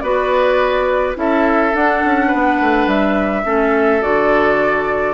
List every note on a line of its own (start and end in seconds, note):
0.00 1.16 B3
0.00 1.15 F#4
0.00 1.17 B4
0.00 1.14 D5
1.15 1.73 C#4
1.15 1.72 E4
1.15 2.27 A4
1.15 1.75 E5
1.74 3.45 D4
1.74 2.03 D4
1.74 2.89 F#5
2.05 2.33 C#4
2.27 2.61 B3
2.27 3.42 B4
2.61 2.87 A3
2.87 3.44 G3
2.87 4.02 E5
3.45 4.03 A3
3.45 4.01 C#4
3.45 5.14 A4
4.01 5.14 D3
4.01 5.14 F#4
4.01 5.14 D5